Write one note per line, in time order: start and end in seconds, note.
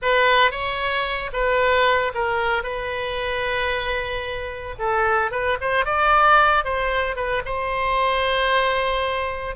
0.02 0.51 B4
0.51 1.30 C#5
1.33 2.12 B4
2.14 2.63 A#4
2.63 4.75 B4
4.78 5.31 A4
5.31 5.57 B4
5.60 5.85 C5
5.85 6.64 D5
6.64 7.16 C5
7.16 7.42 B4
7.45 9.55 C5